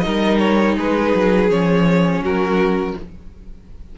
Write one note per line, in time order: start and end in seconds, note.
0.00 0.77 G3
0.00 1.48 D#4
0.00 0.76 A#4
0.00 0.37 D#5
0.39 0.75 C#5
0.76 1.13 G#3
0.76 2.22 G#4
0.76 1.50 B4
1.14 1.50 F#3
1.49 2.20 F3
1.49 2.95 C#4
1.49 2.23 C#5
2.20 2.93 F#3
2.20 2.96 F#4
2.20 2.98 A#4